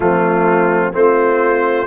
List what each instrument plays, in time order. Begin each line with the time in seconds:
0.00 tuba F3, trombone A3, horn C4, trumpet F4
0.92 tuba A3, trombone C4, horn F4, trumpet C5